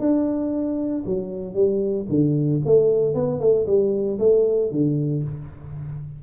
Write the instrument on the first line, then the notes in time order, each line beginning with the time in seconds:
tuba
0.00 D4
1.06 F#3
1.54 G3
2.09 D3
2.65 A3
3.15 B3
3.40 A3
3.66 G3
4.19 A3
4.71 D3